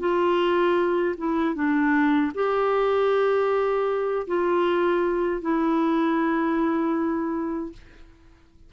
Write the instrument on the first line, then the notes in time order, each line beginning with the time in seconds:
clarinet
0.00 F4
1.18 E4
1.55 D4
2.35 G4
4.28 F4
5.42 E4